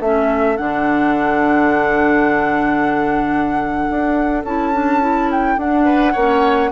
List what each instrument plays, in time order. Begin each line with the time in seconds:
0.00 bassoon A3, clarinet C#4, oboe A4, flute E5
0.57 bassoon D3, clarinet D4, flute F#5
3.90 bassoon D4
4.44 bassoon C#4, clarinet E4, flute A5
4.73 clarinet D4
5.01 clarinet E4
5.31 flute G5
5.57 bassoon D4, clarinet D4, flute F#5
5.85 oboe B4
6.12 bassoon A#3, clarinet C#4, oboe C#5